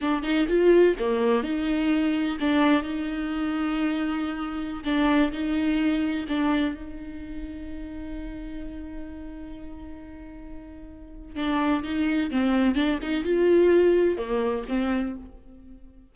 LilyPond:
\new Staff \with { instrumentName = "viola" } { \time 4/4 \tempo 4 = 127 d'8 dis'8 f'4 ais4 dis'4~ | dis'4 d'4 dis'2~ | dis'2~ dis'16 d'4 dis'8.~ | dis'4~ dis'16 d'4 dis'4.~ dis'16~ |
dis'1~ | dis'1 | d'4 dis'4 c'4 d'8 dis'8 | f'2 ais4 c'4 | }